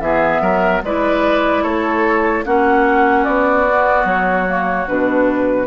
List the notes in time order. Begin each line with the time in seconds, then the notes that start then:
0.00 E3 B3 G#4 E5
0.41 F#3 A#4
0.83 G#3 E4 B4 D5
1.63 A3 A4 C#5
2.45 A#3 C#4 F#4 F#5
3.24 B3 D5
3.67 B3
4.05 F#3 C#5
4.46 A#3
4.87 B2 D4 B4